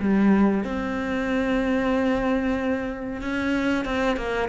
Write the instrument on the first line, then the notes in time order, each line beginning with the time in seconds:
cello
0.00 G3
0.64 C4
3.21 C#4
3.85 C4
4.16 A#3